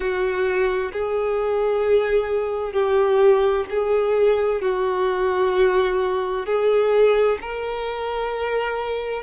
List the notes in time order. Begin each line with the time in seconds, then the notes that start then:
0.00 F#4
0.92 G#4
2.72 G4
3.69 G#4
4.62 F#4
6.46 G#4
7.41 A#4